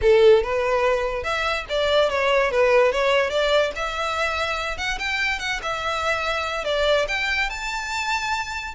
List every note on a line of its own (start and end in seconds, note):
0.01 0.43 A4
0.43 1.23 B4
1.23 1.65 E5
1.69 2.09 D5
2.09 2.51 C#5
2.51 2.91 B4
2.91 3.30 C#5
3.30 3.71 D5
3.75 4.77 E5
4.77 4.98 F#5
4.98 5.39 G5
5.39 5.60 F#5
5.62 6.64 E5
6.64 7.06 D5
7.08 7.49 G5
7.49 8.74 A5